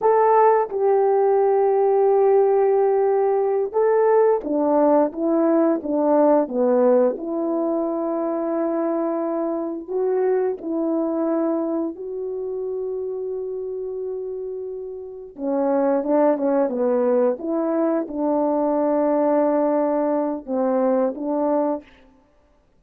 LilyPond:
\new Staff \with { instrumentName = "horn" } { \time 4/4 \tempo 4 = 88 a'4 g'2.~ | g'4. a'4 d'4 e'8~ | e'8 d'4 b4 e'4.~ | e'2~ e'8 fis'4 e'8~ |
e'4. fis'2~ fis'8~ | fis'2~ fis'8 cis'4 d'8 | cis'8 b4 e'4 d'4.~ | d'2 c'4 d'4 | }